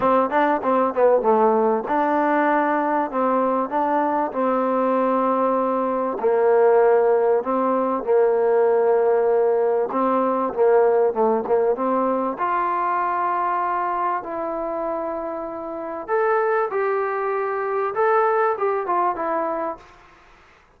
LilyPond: \new Staff \with { instrumentName = "trombone" } { \time 4/4 \tempo 4 = 97 c'8 d'8 c'8 b8 a4 d'4~ | d'4 c'4 d'4 c'4~ | c'2 ais2 | c'4 ais2. |
c'4 ais4 a8 ais8 c'4 | f'2. e'4~ | e'2 a'4 g'4~ | g'4 a'4 g'8 f'8 e'4 | }